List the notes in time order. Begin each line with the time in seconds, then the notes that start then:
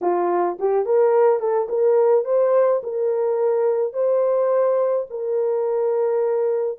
0.01 F4
0.59 G4
0.85 A#4
1.39 A4
1.68 A#4
2.25 C5
2.83 A#4
3.93 C5
5.09 A#4